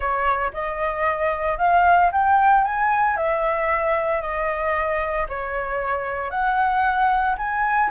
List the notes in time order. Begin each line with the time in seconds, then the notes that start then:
0.00 C#5
0.53 D#5
1.58 F5
2.11 G5
2.64 G#5
3.17 E5
4.21 D#5
5.28 C#5
6.30 F#5
7.37 G#5